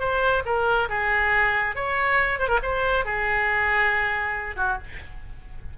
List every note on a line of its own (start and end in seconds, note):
0.00 0.43 C5
0.46 0.89 A#4
0.89 1.75 G#4
1.75 2.39 C#5
2.39 2.48 C5
2.48 2.59 A#4
2.63 3.05 C5
3.05 4.56 G#4
4.56 4.78 F#4